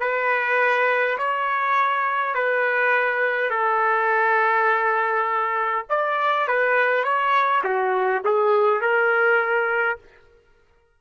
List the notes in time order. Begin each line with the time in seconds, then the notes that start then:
0.00 B4
1.18 C#5
2.35 B4
3.50 A4
5.90 D5
6.48 B4
7.04 C#5
7.64 F#4
8.25 G#4
8.81 A#4